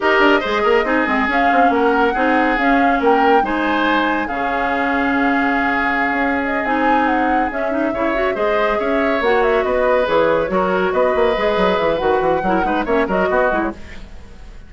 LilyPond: <<
  \new Staff \with { instrumentName = "flute" } { \time 4/4 \tempo 4 = 140 dis''2. f''4 | fis''2 f''4 g''4 | gis''2 f''2~ | f''2. dis''8 gis''8~ |
gis''8 fis''4 e''2 dis''8~ | dis''8 e''4 fis''8 e''8 dis''4 cis''8~ | cis''4. dis''2 e''8 | fis''2 e''8 dis''4~ dis''16 cis''16 | }
  \new Staff \with { instrumentName = "oboe" } { \time 4/4 ais'4 c''8 ais'8 gis'2 | ais'4 gis'2 ais'4 | c''2 gis'2~ | gis'1~ |
gis'2~ gis'8 cis''4 c''8~ | c''8 cis''2 b'4.~ | b'8 ais'4 b'2~ b'8~ | b'4 ais'8 b'8 cis''8 ais'8 fis'4 | }
  \new Staff \with { instrumentName = "clarinet" } { \time 4/4 g'4 gis'4 dis'8 c'8 cis'4~ | cis'4 dis'4 cis'2 | dis'2 cis'2~ | cis'2.~ cis'8 dis'8~ |
dis'4. cis'8 dis'8 e'8 fis'8 gis'8~ | gis'4. fis'2 gis'8~ | gis'8 fis'2 gis'4. | fis'4 e'8 dis'8 cis'8 fis'4 e'8 | }
  \new Staff \with { instrumentName = "bassoon" } { \time 4/4 dis'8 d'8 gis8 ais8 c'8 gis8 cis'8 c'8 | ais4 c'4 cis'4 ais4 | gis2 cis2~ | cis2~ cis16 cis'4~ cis'16 c'8~ |
c'4. cis'4 cis4 gis8~ | gis8 cis'4 ais4 b4 e8~ | e8 fis4 b8 ais8 gis8 fis8 e8 | dis8 e8 fis8 gis8 ais8 fis8 b8 gis8 | }
>>